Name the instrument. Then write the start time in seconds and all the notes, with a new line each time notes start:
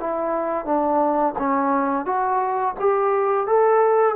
trombone
0.00 E4
0.65 D4
1.38 C#4
2.05 F#4
2.80 G4
3.47 A4